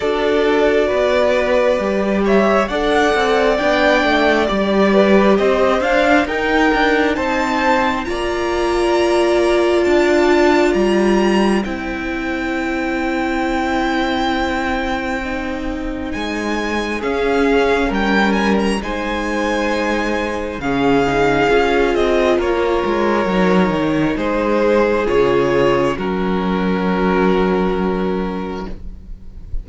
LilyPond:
<<
  \new Staff \with { instrumentName = "violin" } { \time 4/4 \tempo 4 = 67 d''2~ d''8 e''8 fis''4 | g''4 d''4 dis''8 f''8 g''4 | a''4 ais''2 a''4 | ais''4 g''2.~ |
g''2 gis''4 f''4 | g''8 gis''16 ais''16 gis''2 f''4~ | f''8 dis''8 cis''2 c''4 | cis''4 ais'2. | }
  \new Staff \with { instrumentName = "violin" } { \time 4/4 a'4 b'4. cis''8 d''4~ | d''4. b'8 c''4 ais'4 | c''4 d''2.~ | d''4 c''2.~ |
c''2. gis'4 | ais'4 c''2 gis'4~ | gis'4 ais'2 gis'4~ | gis'4 fis'2. | }
  \new Staff \with { instrumentName = "viola" } { \time 4/4 fis'2 g'4 a'4 | d'4 g'4. d'8 dis'4~ | dis'4 f'2.~ | f'4 e'2.~ |
e'4 dis'2 cis'4~ | cis'4 dis'2 cis'8 dis'8 | f'2 dis'2 | f'4 cis'2. | }
  \new Staff \with { instrumentName = "cello" } { \time 4/4 d'4 b4 g4 d'8 c'8 | b8 a8 g4 c'8 d'8 dis'8 d'8 | c'4 ais2 d'4 | g4 c'2.~ |
c'2 gis4 cis'4 | g4 gis2 cis4 | cis'8 c'8 ais8 gis8 fis8 dis8 gis4 | cis4 fis2. | }
>>